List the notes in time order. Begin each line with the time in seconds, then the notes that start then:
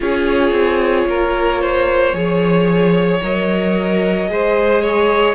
0.00 C#4 F4 G#4 C#5
0.51 C4
1.06 A#3 A#4
1.61 C5
2.13 F3 G#4 C#5
3.22 F#3 A#4 D#5
4.28 G#3 G#4 C5
4.82 C#5